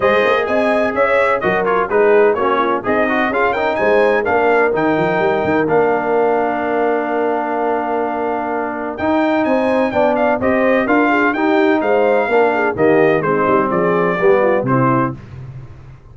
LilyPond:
<<
  \new Staff \with { instrumentName = "trumpet" } { \time 4/4 \tempo 4 = 127 dis''4 gis''4 e''4 dis''8 cis''8 | b'4 cis''4 dis''4 f''8 g''8 | gis''4 f''4 g''2 | f''1~ |
f''2. g''4 | gis''4 g''8 f''8 dis''4 f''4 | g''4 f''2 dis''4 | c''4 d''2 c''4 | }
  \new Staff \with { instrumentName = "horn" } { \time 4/4 c''4 dis''4 cis''4 ais'4 | gis'4 fis'8 f'8 dis'4 gis'8 ais'8 | c''4 ais'2.~ | ais'1~ |
ais'1 | c''4 d''4 c''4 ais'8 gis'8 | g'4 c''4 ais'8 gis'8 g'4 | dis'4 gis'4 g'8 f'8 e'4 | }
  \new Staff \with { instrumentName = "trombone" } { \time 4/4 gis'2. fis'8 f'8 | dis'4 cis'4 gis'8 fis'8 f'8 dis'8~ | dis'4 d'4 dis'2 | d'1~ |
d'2. dis'4~ | dis'4 d'4 g'4 f'4 | dis'2 d'4 ais4 | c'2 b4 c'4 | }
  \new Staff \with { instrumentName = "tuba" } { \time 4/4 gis8 ais8 c'4 cis'4 fis4 | gis4 ais4 c'4 cis'4 | gis4 ais4 dis8 f8 g8 dis8 | ais1~ |
ais2. dis'4 | c'4 b4 c'4 d'4 | dis'4 gis4 ais4 dis4 | gis8 g8 f4 g4 c4 | }
>>